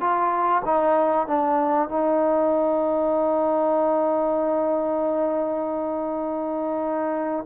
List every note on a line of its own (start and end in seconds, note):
0.00 0.62 F4
0.65 1.27 D#4
1.27 1.89 D4
1.89 7.45 D#4